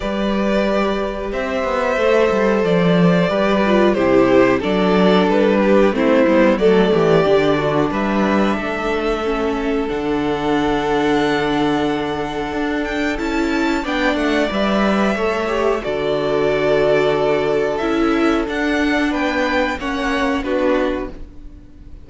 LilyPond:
<<
  \new Staff \with { instrumentName = "violin" } { \time 4/4 \tempo 4 = 91 d''2 e''2 | d''2 c''4 d''4 | b'4 c''4 d''2 | e''2. fis''4~ |
fis''2.~ fis''8 g''8 | a''4 g''8 fis''8 e''2 | d''2. e''4 | fis''4 g''4 fis''4 b'4 | }
  \new Staff \with { instrumentName = "violin" } { \time 4/4 b'2 c''2~ | c''4 b'4 g'4 a'4~ | a'8 g'8 e'4 a'8 g'4 fis'8 | b'4 a'2.~ |
a'1~ | a'4 d''2 cis''4 | a'1~ | a'4 b'4 cis''4 fis'4 | }
  \new Staff \with { instrumentName = "viola" } { \time 4/4 g'2. a'4~ | a'4 g'8 f'8 e'4 d'4~ | d'4 c'8 b8 a4 d'4~ | d'2 cis'4 d'4~ |
d'1 | e'4 d'4 b'4 a'8 g'8 | fis'2. e'4 | d'2 cis'4 d'4 | }
  \new Staff \with { instrumentName = "cello" } { \time 4/4 g2 c'8 b8 a8 g8 | f4 g4 c4 fis4 | g4 a8 g8 fis8 e8 d4 | g4 a2 d4~ |
d2. d'4 | cis'4 b8 a8 g4 a4 | d2. cis'4 | d'4 b4 ais4 b4 | }
>>